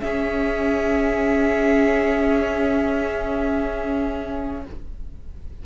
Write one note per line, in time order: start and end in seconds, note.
0.00 4.62 C#4
0.00 4.65 C#4
0.00 4.63 G#4
0.00 4.62 E5